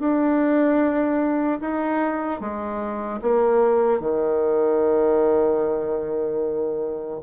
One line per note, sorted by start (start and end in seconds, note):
0.00 1.60 D4
1.61 2.41 D#4
2.41 3.21 G#3
3.22 4.00 A#3
4.00 7.20 D#3